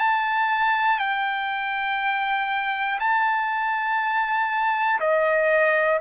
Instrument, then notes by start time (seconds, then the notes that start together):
trumpet
0.00 A5
1.00 G5
3.00 A5
5.01 D#5